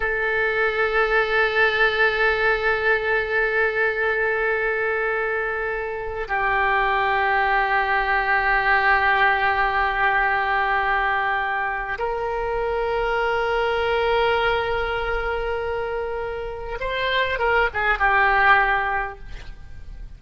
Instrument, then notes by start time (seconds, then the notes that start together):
oboe
0.00 A4
6.28 G4
11.98 A#4
16.80 C5
17.38 A#4
17.73 G#4
17.98 G4